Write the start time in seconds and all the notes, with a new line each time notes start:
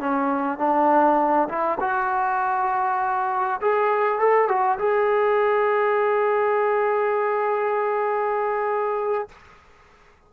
0.00 C#4
0.58 D4
1.49 E4
1.81 F#4
3.61 G#4
4.19 A4
4.48 F#4
4.79 G#4